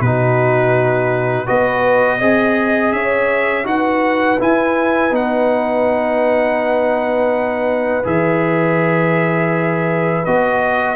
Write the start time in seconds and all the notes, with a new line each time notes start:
0.00 B2 D#4 F#4 B4
1.46 B3 F#4 B4 D#5
2.18 C4 G#4 D#5
2.92 C#4 C#5 E5
3.64 D#4 F#4 B4 F#5
4.39 E4 G#5
5.11 B3 D#4 F#5
8.04 E3 G#4 E5
10.25 B3 F#4 D#5